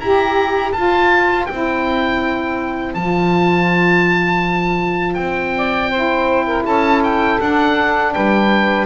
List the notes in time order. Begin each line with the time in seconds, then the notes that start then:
0.00 E4 G4 A#5
0.73 F4 C5 A5
1.46 C4 E4 G5
2.95 F3 F4 A5
5.15 C4 G5
5.57 D5
5.90 E4 C5
6.47 A#4
6.65 C#4 A4 A5
7.04 G5
7.40 D4 F#5
8.14 G3 B4 G5